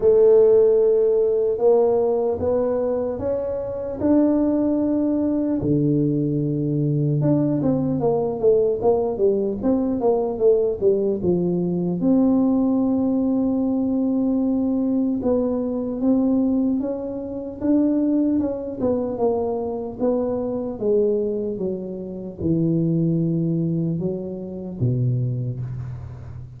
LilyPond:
\new Staff \with { instrumentName = "tuba" } { \time 4/4 \tempo 4 = 75 a2 ais4 b4 | cis'4 d'2 d4~ | d4 d'8 c'8 ais8 a8 ais8 g8 | c'8 ais8 a8 g8 f4 c'4~ |
c'2. b4 | c'4 cis'4 d'4 cis'8 b8 | ais4 b4 gis4 fis4 | e2 fis4 b,4 | }